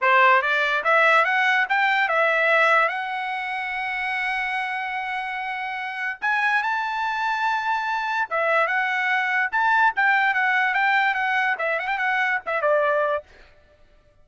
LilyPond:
\new Staff \with { instrumentName = "trumpet" } { \time 4/4 \tempo 4 = 145 c''4 d''4 e''4 fis''4 | g''4 e''2 fis''4~ | fis''1~ | fis''2. gis''4 |
a''1 | e''4 fis''2 a''4 | g''4 fis''4 g''4 fis''4 | e''8 fis''16 g''16 fis''4 e''8 d''4. | }